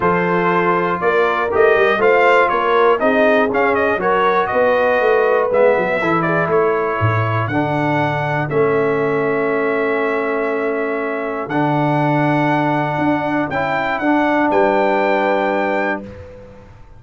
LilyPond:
<<
  \new Staff \with { instrumentName = "trumpet" } { \time 4/4 \tempo 4 = 120 c''2 d''4 dis''4 | f''4 cis''4 dis''4 f''8 dis''8 | cis''4 dis''2 e''4~ | e''8 d''8 cis''2 fis''4~ |
fis''4 e''2.~ | e''2. fis''4~ | fis''2. g''4 | fis''4 g''2. | }
  \new Staff \with { instrumentName = "horn" } { \time 4/4 a'2 ais'2 | c''4 ais'4 gis'2 | ais'4 b'2. | a'8 gis'8 a'2.~ |
a'1~ | a'1~ | a'1~ | a'4 b'2. | }
  \new Staff \with { instrumentName = "trombone" } { \time 4/4 f'2. g'4 | f'2 dis'4 cis'4 | fis'2. b4 | e'2. d'4~ |
d'4 cis'2.~ | cis'2. d'4~ | d'2. e'4 | d'1 | }
  \new Staff \with { instrumentName = "tuba" } { \time 4/4 f2 ais4 a8 g8 | a4 ais4 c'4 cis'4 | fis4 b4 a4 gis8 fis8 | e4 a4 a,4 d4~ |
d4 a2.~ | a2. d4~ | d2 d'4 cis'4 | d'4 g2. | }
>>